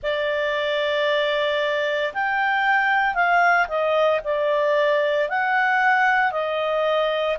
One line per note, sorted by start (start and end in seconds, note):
0.02 2.13 D5
2.13 3.14 G5
3.14 3.67 F5
3.67 4.20 D#5
4.23 5.29 D5
5.29 6.32 F#5
6.32 7.37 D#5